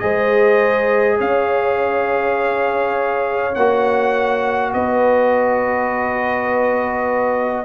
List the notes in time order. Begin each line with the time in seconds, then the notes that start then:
0.00 G#3 G#4 C5 D#5
1.19 C#4 C#5 F5
3.55 A#3 F#4 F#5
4.74 B3 B4 D#5